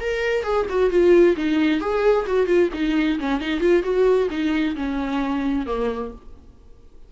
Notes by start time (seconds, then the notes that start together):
0.00 A#4
0.43 G#4
0.69 F#4
0.90 F4
1.37 D#4
1.80 G#4
2.26 F#4
2.47 F4
2.74 D#4
3.19 C#4
3.41 D#4
3.60 F4
3.83 F#4
4.30 D#4
4.76 C#4
5.66 A#3